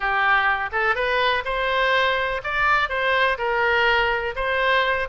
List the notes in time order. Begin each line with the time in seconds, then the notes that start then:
0.00 G4
0.72 A4
0.95 B4
1.44 C5
2.43 D5
2.89 C5
3.38 A#4
4.35 C5